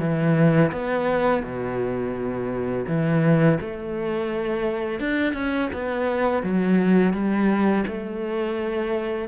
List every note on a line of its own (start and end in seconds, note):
0.00 0.71 E3
0.72 1.43 B3
1.43 2.86 B2
2.87 3.58 E3
3.61 5.00 A3
5.00 5.33 D4
5.33 5.69 C#4
5.73 6.43 B3
6.43 7.13 F#3
7.13 7.85 G3
7.88 9.28 A3